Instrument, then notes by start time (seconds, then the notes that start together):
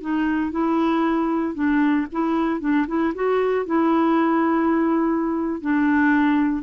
clarinet
0.00 D#4
0.51 E4
1.54 D4
2.12 E4
2.60 D4
2.87 E4
3.14 F#4
3.65 E4
5.60 D4